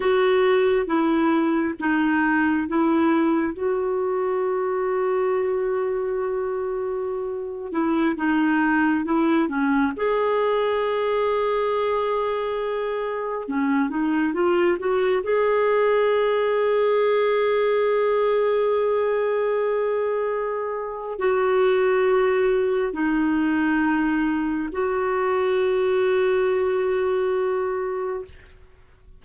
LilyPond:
\new Staff \with { instrumentName = "clarinet" } { \time 4/4 \tempo 4 = 68 fis'4 e'4 dis'4 e'4 | fis'1~ | fis'8. e'8 dis'4 e'8 cis'8 gis'8.~ | gis'2.~ gis'16 cis'8 dis'16~ |
dis'16 f'8 fis'8 gis'2~ gis'8.~ | gis'1 | fis'2 dis'2 | fis'1 | }